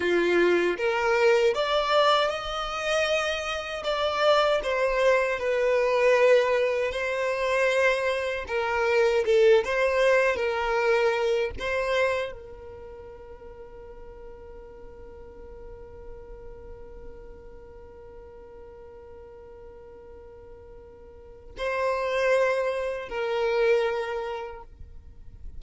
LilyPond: \new Staff \with { instrumentName = "violin" } { \time 4/4 \tempo 4 = 78 f'4 ais'4 d''4 dis''4~ | dis''4 d''4 c''4 b'4~ | b'4 c''2 ais'4 | a'8 c''4 ais'4. c''4 |
ais'1~ | ais'1~ | ais'1 | c''2 ais'2 | }